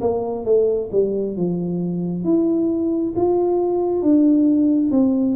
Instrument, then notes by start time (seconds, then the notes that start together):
tuba
0.00 A#3
0.45 A3
0.91 G3
1.36 F3
2.24 E4
3.15 F4
4.02 D4
4.91 C4